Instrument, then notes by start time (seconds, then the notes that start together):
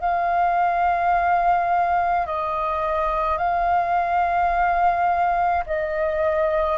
flute
0.00 F5
2.26 D#5
3.38 F5
5.66 D#5